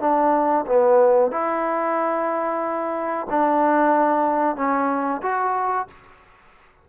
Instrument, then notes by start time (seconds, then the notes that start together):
trombone
0.00 D4
0.66 B3
1.31 E4
3.30 D4
4.56 C#4
5.22 F#4